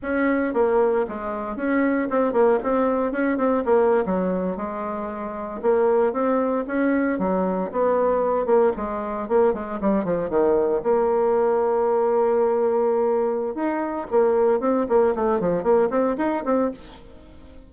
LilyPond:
\new Staff \with { instrumentName = "bassoon" } { \time 4/4 \tempo 4 = 115 cis'4 ais4 gis4 cis'4 | c'8 ais8 c'4 cis'8 c'8 ais8. fis16~ | fis8. gis2 ais4 c'16~ | c'8. cis'4 fis4 b4~ b16~ |
b16 ais8 gis4 ais8 gis8 g8 f8 dis16~ | dis8. ais2.~ ais16~ | ais2 dis'4 ais4 | c'8 ais8 a8 f8 ais8 c'8 dis'8 c'8 | }